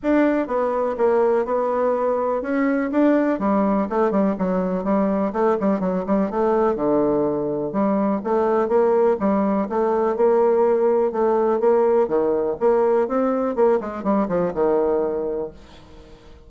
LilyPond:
\new Staff \with { instrumentName = "bassoon" } { \time 4/4 \tempo 4 = 124 d'4 b4 ais4 b4~ | b4 cis'4 d'4 g4 | a8 g8 fis4 g4 a8 g8 | fis8 g8 a4 d2 |
g4 a4 ais4 g4 | a4 ais2 a4 | ais4 dis4 ais4 c'4 | ais8 gis8 g8 f8 dis2 | }